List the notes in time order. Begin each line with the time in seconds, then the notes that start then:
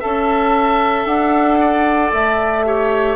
0.00 C#4 A4 E5 A5
1.06 D4 F#5
1.61 D5
2.13 A3 E5
2.65 G4 C#5